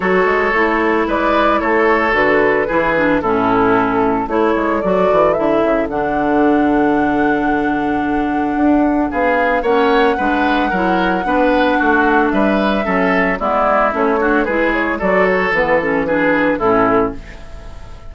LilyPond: <<
  \new Staff \with { instrumentName = "flute" } { \time 4/4 \tempo 4 = 112 cis''2 d''4 cis''4 | b'2 a'2 | cis''4 d''4 e''4 fis''4~ | fis''1~ |
fis''4 f''4 fis''2~ | fis''2. e''4~ | e''4 d''4 cis''4 b'8 cis''8 | d''8 cis''8 b'8 a'8 b'4 a'4 | }
  \new Staff \with { instrumentName = "oboe" } { \time 4/4 a'2 b'4 a'4~ | a'4 gis'4 e'2 | a'1~ | a'1~ |
a'4 gis'4 cis''4 b'4 | ais'4 b'4 fis'4 b'4 | a'4 e'4. fis'8 gis'4 | a'2 gis'4 e'4 | }
  \new Staff \with { instrumentName = "clarinet" } { \time 4/4 fis'4 e'2. | fis'4 e'8 d'8 cis'2 | e'4 fis'4 e'4 d'4~ | d'1~ |
d'2 cis'4 d'4 | e'4 d'2. | cis'4 b4 cis'8 d'8 e'4 | fis'4 b8 cis'8 d'4 cis'4 | }
  \new Staff \with { instrumentName = "bassoon" } { \time 4/4 fis8 gis8 a4 gis4 a4 | d4 e4 a,2 | a8 gis8 fis8 e8 d8 cis8 d4~ | d1 |
d'4 b4 ais4 gis4 | fis4 b4 a4 g4 | fis4 gis4 a4 gis4 | fis4 e2 a,4 | }
>>